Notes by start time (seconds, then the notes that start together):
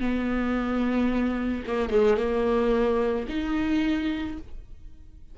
0.00 B3
1.67 A#3
1.90 G#3
2.17 A#3
3.29 D#4